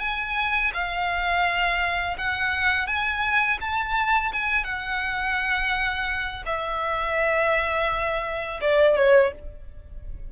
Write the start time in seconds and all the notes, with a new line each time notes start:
0.00 G#5
0.74 F5
2.18 F#5
2.87 G#5
3.61 A5
4.33 G#5
4.64 F#5
6.46 E5
8.61 D5
8.96 C#5